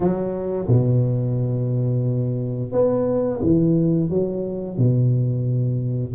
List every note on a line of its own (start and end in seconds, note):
0.00 0.67 F#3
0.67 2.72 B2
2.72 3.40 B3
3.42 4.09 E3
4.09 4.77 F#3
4.77 6.14 B2